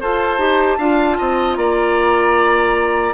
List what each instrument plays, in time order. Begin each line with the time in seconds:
0.00 bassoon F4, clarinet A4, oboe C5, flute A5
0.38 bassoon D#4, clarinet G4
0.78 bassoon D4, clarinet F4, oboe F5
1.18 bassoon C4, oboe D#5
1.56 bassoon A#3, oboe D5, flute A#5